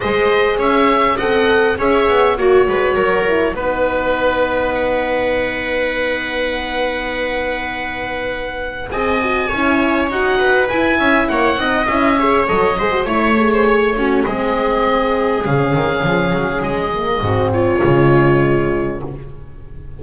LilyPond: <<
  \new Staff \with { instrumentName = "oboe" } { \time 4/4 \tempo 4 = 101 dis''4 e''4 fis''4 e''4 | cis''2 b'2 | fis''1~ | fis''2. gis''4~ |
gis''4 fis''4 gis''4 fis''4 | e''4 dis''4 cis''2 | dis''2 f''2 | dis''4. cis''2~ cis''8 | }
  \new Staff \with { instrumentName = "viola" } { \time 4/4 c''4 cis''4 dis''4 cis''4 | fis'8 b'8 ais'4 b'2~ | b'1~ | b'2. dis''4 |
cis''4. b'4 e''8 cis''8 dis''8~ | dis''8 cis''4 c''8 cis''8. c''16 cis''8 cis'8 | gis'1~ | gis'4 fis'8 f'2~ f'8 | }
  \new Staff \with { instrumentName = "horn" } { \time 4/4 gis'2 a'4 gis'4 | fis'4. e'8 dis'2~ | dis'1~ | dis'2. gis'8 fis'8 |
e'4 fis'4 e'4. dis'8 | e'8 gis'8 a'8 gis'16 fis'16 e'8 gis'4 fis'8 | c'2 cis'2~ | cis'8 ais8 c'4 gis2 | }
  \new Staff \with { instrumentName = "double bass" } { \time 4/4 gis4 cis'4 c'4 cis'8 b8 | ais8 gis8 fis4 b2~ | b1~ | b2. c'4 |
cis'4 dis'4 e'8 cis'8 ais8 c'8 | cis'4 fis8 gis8 a2 | gis2 cis8 dis8 f8 fis8 | gis4 gis,4 cis2 | }
>>